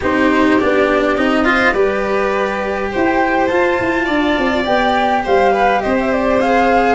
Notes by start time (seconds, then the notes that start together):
0.00 C4 D#4 G4 C5
0.60 B3 D4 D5
1.16 C4 D#4 D#5
1.44 F4 C5
1.73 G3 G4 B4 D5
2.91 E4 C5 G5
3.46 F4 A5
3.80 E4
4.05 D4 D5
4.37 C4
4.64 B3 G4 G5
5.23 G3 C5 F5
5.53 B4
5.81 C4 C5 D#5
6.00 E5
6.12 D5
6.40 G#4 F5